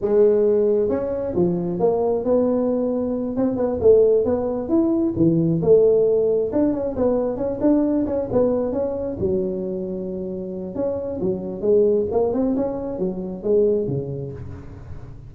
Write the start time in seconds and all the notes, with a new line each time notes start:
0.01 G#3
0.89 C#4
1.35 F3
1.79 A#3
2.24 B3
3.36 C4
3.57 B3
3.81 A3
4.24 B3
4.69 E4
5.16 E3
5.62 A3
6.52 D4
6.73 C#4
6.96 B3
7.37 C#4
7.61 D4
8.06 C#4
8.32 B3
8.72 C#4
9.19 F#3
10.75 C#4
11.20 F#3
11.61 G#3
12.11 A#3
12.33 C4
12.56 C#4
12.99 F#3
13.43 G#3
13.87 C#3